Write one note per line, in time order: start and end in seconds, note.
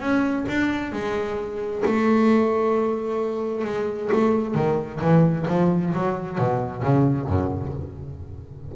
0.00 0.45 C#4
0.48 0.92 D4
0.92 1.83 G#3
1.86 3.65 A3
3.65 4.10 G#3
4.12 4.55 A3
4.55 5.00 D#3
5.01 5.46 E3
5.48 5.93 F3
5.94 6.38 F#3
6.38 6.83 B2
6.83 7.27 C#3
7.27 7.73 F#2